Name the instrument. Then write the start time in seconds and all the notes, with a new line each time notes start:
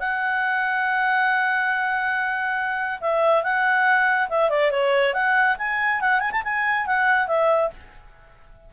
clarinet
0.00 F#5
3.01 E5
3.44 F#5
4.29 E5
4.50 D5
4.71 C#5
5.14 F#5
5.58 G#5
6.01 F#5
6.20 G#5
6.32 A5
6.44 G#5
6.87 F#5
7.28 E5